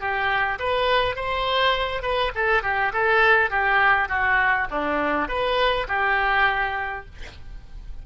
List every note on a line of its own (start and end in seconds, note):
0.00 0.59 G4
0.59 1.16 B4
1.16 2.03 C5
2.03 2.32 B4
2.36 2.63 A4
2.63 2.93 G4
2.94 3.51 A4
3.51 4.09 G4
4.09 4.68 F#4
4.71 5.29 D4
5.29 5.87 B4
5.88 7.06 G4